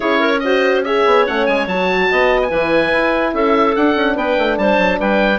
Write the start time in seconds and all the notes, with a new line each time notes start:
0.00 C#4 E4 G#4 C#5
0.19 A#4
0.39 F#4 C5 D#5
0.84 G#4 C#5 E5
1.05 B3
1.26 A3 C#4 F#5
1.46 G#3 G#5
1.67 F#3 F#4 A5
2.10 B3 D#5
2.42 G#5
2.49 E3 E4 B4
2.92 E4
3.33 C#4 A4 E5
3.75 D4 F#5
3.95 C#4
4.15 B3 B4 G5
4.38 A3
4.57 G3 C5 A5
4.78 F#3
4.99 G3 B4 G5